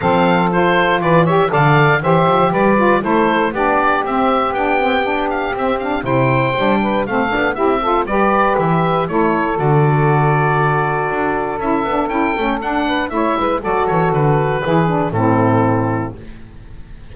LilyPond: <<
  \new Staff \with { instrumentName = "oboe" } { \time 4/4 \tempo 4 = 119 f''4 c''4 d''8 e''8 f''4 | e''4 d''4 c''4 d''4 | e''4 g''4. f''8 e''8 f''8 | g''2 f''4 e''4 |
d''4 e''4 cis''4 d''4~ | d''2. e''4 | g''4 fis''4 e''4 d''8 cis''8 | b'2 a'2 | }
  \new Staff \with { instrumentName = "saxophone" } { \time 4/4 a'2 b'8 cis''8 d''4 | c''4 b'4 a'4 g'4~ | g'1 | c''4. b'8 a'4 g'8 a'8 |
b'2 a'2~ | a'1~ | a'4. b'8 cis''8 b'8 a'4~ | a'4 gis'4 e'2 | }
  \new Staff \with { instrumentName = "saxophone" } { \time 4/4 c'4 f'4. g'8 a'4 | g'4. f'8 e'4 d'4 | c'4 d'8 c'8 d'4 c'8 d'8 | e'4 d'4 c'8 d'8 e'8 f'8 |
g'2 e'4 fis'4~ | fis'2. e'8 d'8 | e'8 cis'8 d'4 e'4 fis'4~ | fis'4 e'8 d'8 c'2 | }
  \new Staff \with { instrumentName = "double bass" } { \time 4/4 f2 e4 d4 | e8 f8 g4 a4 b4 | c'4 b2 c'4 | c4 g4 a8 b8 c'4 |
g4 e4 a4 d4~ | d2 d'4 cis'8 b8 | cis'8 a8 d'4 a8 gis8 fis8 e8 | d4 e4 a,2 | }
>>